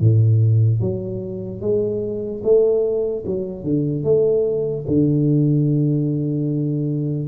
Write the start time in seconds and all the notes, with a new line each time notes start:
0.00 A2
0.81 F#3
1.61 G#3
2.43 A3
3.26 F#3
3.63 D3
4.04 A3
4.88 D3